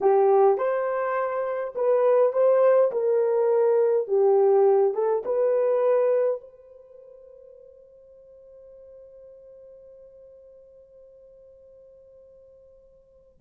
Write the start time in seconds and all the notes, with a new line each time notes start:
0.00 G4
0.57 C5
1.75 B4
2.32 C5
2.91 A#4
4.07 G4
4.94 A4
5.25 B4
6.40 C5